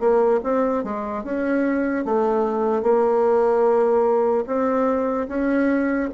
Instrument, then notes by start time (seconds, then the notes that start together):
bassoon
0.00 A#3
0.43 C4
0.84 G#3
1.24 C#4
2.05 A3
2.83 A#3
4.47 C4
5.28 C#4